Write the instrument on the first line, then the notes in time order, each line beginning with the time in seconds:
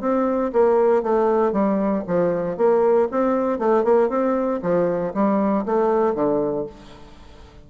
bassoon
0.00 C4
0.52 A#3
1.03 A3
1.52 G3
2.07 F3
2.57 A#3
3.11 C4
3.59 A3
3.84 A#3
4.09 C4
4.62 F3
5.14 G3
5.65 A3
6.14 D3